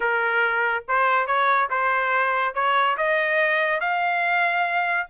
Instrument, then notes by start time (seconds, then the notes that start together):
trumpet
0.00 A#4
0.88 C5
1.26 C#5
1.69 C5
2.54 C#5
2.97 D#5
3.80 F5